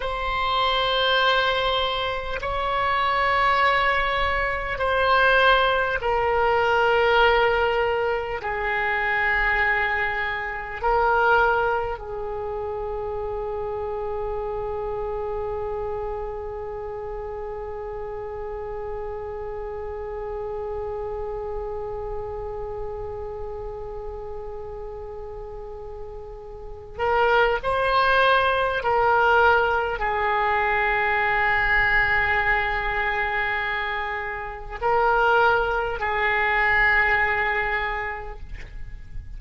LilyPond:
\new Staff \with { instrumentName = "oboe" } { \time 4/4 \tempo 4 = 50 c''2 cis''2 | c''4 ais'2 gis'4~ | gis'4 ais'4 gis'2~ | gis'1~ |
gis'1~ | gis'2~ gis'8 ais'8 c''4 | ais'4 gis'2.~ | gis'4 ais'4 gis'2 | }